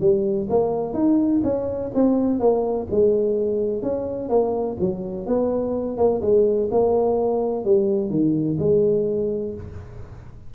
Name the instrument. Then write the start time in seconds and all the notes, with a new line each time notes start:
tuba
0.00 G3
0.49 A#3
0.94 D#4
1.43 C#4
1.94 C4
2.39 A#3
2.90 G#3
3.82 C#4
4.29 A#3
4.80 F#3
5.26 B3
5.97 A#3
6.21 G#3
6.71 A#3
7.64 G3
8.10 D#3
8.59 G#3